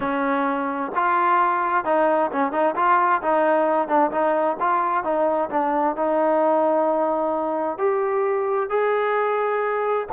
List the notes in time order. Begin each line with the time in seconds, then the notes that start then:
0.00 C#4
0.95 F4
1.84 D#4
2.32 C#4
2.51 D#4
2.75 F4
3.22 D#4
3.88 D4
4.11 D#4
4.59 F4
5.04 D#4
5.50 D4
5.96 D#4
7.78 G4
8.69 G#4